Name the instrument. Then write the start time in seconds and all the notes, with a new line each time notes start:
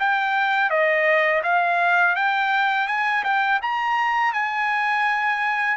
trumpet
0.00 G5
0.70 D#5
1.44 F5
2.16 G5
2.88 G#5
3.24 G5
3.62 A#5
4.33 G#5